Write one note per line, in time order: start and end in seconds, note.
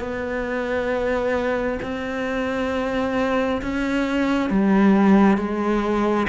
0.00 1.79 B3
1.83 3.62 C4
3.62 4.50 C#4
4.50 5.38 G3
5.38 6.27 G#3